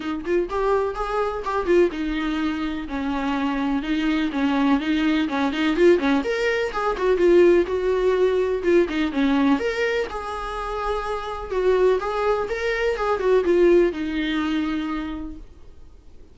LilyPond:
\new Staff \with { instrumentName = "viola" } { \time 4/4 \tempo 4 = 125 dis'8 f'8 g'4 gis'4 g'8 f'8 | dis'2 cis'2 | dis'4 cis'4 dis'4 cis'8 dis'8 | f'8 cis'8 ais'4 gis'8 fis'8 f'4 |
fis'2 f'8 dis'8 cis'4 | ais'4 gis'2. | fis'4 gis'4 ais'4 gis'8 fis'8 | f'4 dis'2. | }